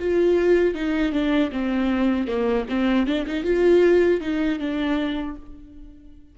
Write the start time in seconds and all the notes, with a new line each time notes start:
0.00 F4
0.75 D#4
1.13 D4
1.52 C4
2.28 A#3
2.69 C4
3.07 D4
3.27 D#4
3.44 F4
4.21 D#4
4.59 D4